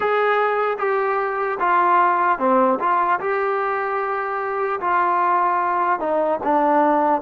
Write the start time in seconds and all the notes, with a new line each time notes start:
0.00 G#4
0.78 G4
1.59 F4
2.38 C4
2.79 F4
3.20 G4
4.80 F4
5.99 D#4
6.43 D4